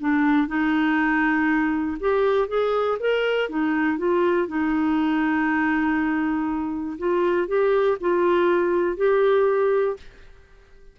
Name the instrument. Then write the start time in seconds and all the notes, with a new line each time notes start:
clarinet
0.00 D4
0.48 D#4
2.00 G4
2.48 G#4
3.00 A#4
3.49 D#4
3.98 F4
4.48 D#4
6.98 F4
7.48 G4
8.01 F4
8.97 G4